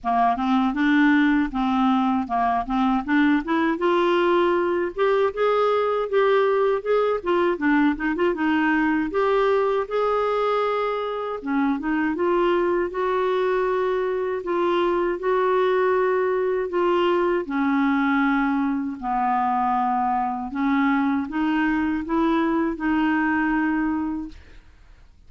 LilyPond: \new Staff \with { instrumentName = "clarinet" } { \time 4/4 \tempo 4 = 79 ais8 c'8 d'4 c'4 ais8 c'8 | d'8 e'8 f'4. g'8 gis'4 | g'4 gis'8 f'8 d'8 dis'16 f'16 dis'4 | g'4 gis'2 cis'8 dis'8 |
f'4 fis'2 f'4 | fis'2 f'4 cis'4~ | cis'4 b2 cis'4 | dis'4 e'4 dis'2 | }